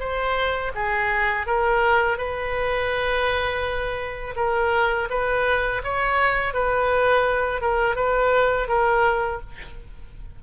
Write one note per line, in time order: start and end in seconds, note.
0.00 0.72 C5
0.75 1.47 G#4
1.47 2.18 A#4
2.18 4.35 B4
4.36 5.09 A#4
5.10 5.83 B4
5.84 6.54 C#5
6.54 7.61 B4
7.61 7.96 A#4
7.96 8.68 B4
8.68 9.41 A#4